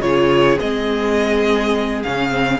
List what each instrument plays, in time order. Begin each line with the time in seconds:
0.00 cello C#3, viola F4, violin G#4 C#5
0.59 cello G#3, viola C4, violin D#5
2.03 cello C#3, viola C#4, violin F5
2.30 viola C4